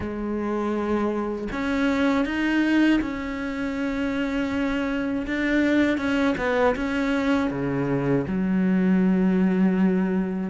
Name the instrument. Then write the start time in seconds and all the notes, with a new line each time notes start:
cello
0.00 G#3
1.52 C#4
2.25 D#4
3.01 C#4
5.26 D4
5.97 C#4
6.38 B3
6.75 C#4
7.50 C#3
8.27 F#3